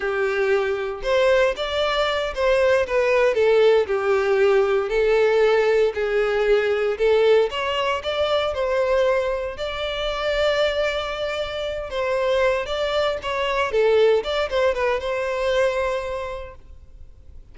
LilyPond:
\new Staff \with { instrumentName = "violin" } { \time 4/4 \tempo 4 = 116 g'2 c''4 d''4~ | d''8 c''4 b'4 a'4 g'8~ | g'4. a'2 gis'8~ | gis'4. a'4 cis''4 d''8~ |
d''8 c''2 d''4.~ | d''2. c''4~ | c''8 d''4 cis''4 a'4 d''8 | c''8 b'8 c''2. | }